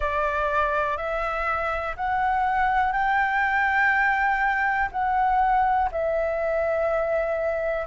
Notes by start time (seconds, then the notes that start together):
0.00 D5
0.97 E5
1.96 F#5
2.92 G5
4.91 F#5
5.91 E5